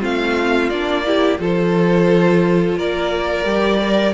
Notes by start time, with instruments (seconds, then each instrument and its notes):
0.00 cello A3, viola C4, violin F4 F5
0.69 cello A#3, viola D4, violin D5
1.04 viola E4, violin G4
1.38 cello F3, viola F4, violin A4 C5
2.76 cello A#3, violin A#4 D5
3.44 cello G3, viola G4
3.79 viola A#4, violin D5